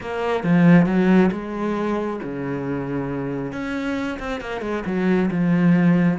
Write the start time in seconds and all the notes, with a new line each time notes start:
0.00 A#3
0.43 F3
0.86 F#3
1.31 G#3
2.23 C#3
3.52 C#4
4.19 C4
4.40 A#3
4.61 G#3
4.85 F#3
5.30 F3